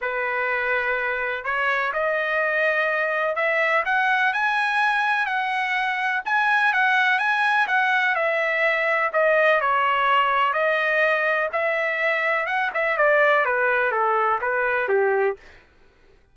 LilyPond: \new Staff \with { instrumentName = "trumpet" } { \time 4/4 \tempo 4 = 125 b'2. cis''4 | dis''2. e''4 | fis''4 gis''2 fis''4~ | fis''4 gis''4 fis''4 gis''4 |
fis''4 e''2 dis''4 | cis''2 dis''2 | e''2 fis''8 e''8 d''4 | b'4 a'4 b'4 g'4 | }